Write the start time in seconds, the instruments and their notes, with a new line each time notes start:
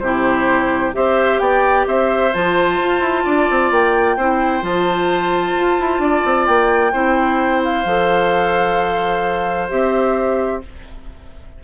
0.00 bassoon C3, clarinet E4, oboe G4, flute C5
0.93 bassoon C4, clarinet G4, oboe C5, flute E5
1.40 bassoon B3, oboe D5, flute G5
1.87 bassoon C4, oboe C5, flute E5
2.34 bassoon F3, clarinet F4, flute A5
2.80 bassoon F4
3.00 bassoon E4
3.25 bassoon D4, oboe D5
3.50 bassoon C4
3.71 bassoon A#3, flute G5
4.17 bassoon C4, clarinet E4, oboe C5
4.62 bassoon F3, clarinet F4, flute A5
5.56 bassoon F4
5.80 bassoon E4
5.99 bassoon D4, oboe D5
6.25 bassoon C4
6.46 bassoon A#3, flute G5
6.93 bassoon C4, clarinet E4, oboe C5
7.64 flute F5
7.85 bassoon F3, clarinet A4
9.69 bassoon C4, clarinet G4, flute E5